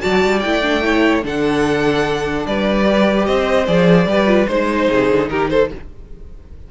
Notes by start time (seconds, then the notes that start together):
0.00 F#3 F#4 D5 A5
0.25 G3
0.40 A3 E4 G5
0.62 D4
0.83 E4 C#5
1.23 D3 D4 A4 F#5
2.47 G3 B4 D5
2.84 G4
3.26 C4 C5 D#5
3.67 F3 G#4 D5
4.06 G3 G4 B4
4.27 F4
4.47 G#3 D#4 C5
4.90 C3 G#4
5.10 D3
5.30 D#3 G4 A#4
5.50 A4 C5